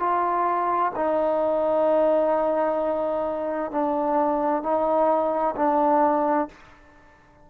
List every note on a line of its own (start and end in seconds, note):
0.00 0.92 F4
0.96 3.72 D#4
3.72 4.63 D4
4.63 5.56 D#4
5.56 6.49 D4